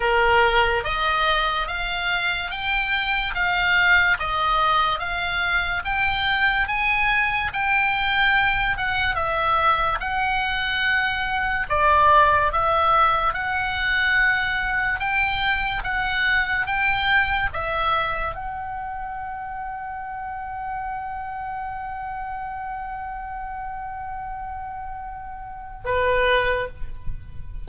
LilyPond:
\new Staff \with { instrumentName = "oboe" } { \time 4/4 \tempo 4 = 72 ais'4 dis''4 f''4 g''4 | f''4 dis''4 f''4 g''4 | gis''4 g''4. fis''8 e''4 | fis''2 d''4 e''4 |
fis''2 g''4 fis''4 | g''4 e''4 fis''2~ | fis''1~ | fis''2. b'4 | }